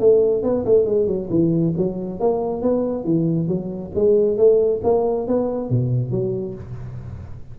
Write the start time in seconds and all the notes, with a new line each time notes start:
0.00 A3
0.43 B3
0.66 A3
0.86 G#3
1.07 F#3
1.31 E3
1.78 F#3
2.20 A#3
2.62 B3
3.05 E3
3.48 F#3
3.95 G#3
4.38 A3
4.84 A#3
5.28 B3
5.70 B2
6.11 F#3